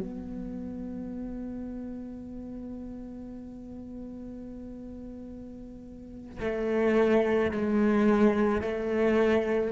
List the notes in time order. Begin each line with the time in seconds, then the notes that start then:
0.00 B3
6.40 A3
7.51 G#3
8.62 A3